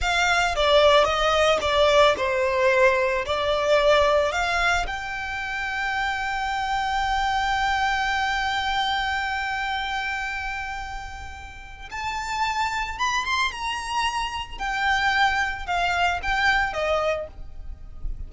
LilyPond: \new Staff \with { instrumentName = "violin" } { \time 4/4 \tempo 4 = 111 f''4 d''4 dis''4 d''4 | c''2 d''2 | f''4 g''2.~ | g''1~ |
g''1~ | g''2 a''2 | b''8 c'''8 ais''2 g''4~ | g''4 f''4 g''4 dis''4 | }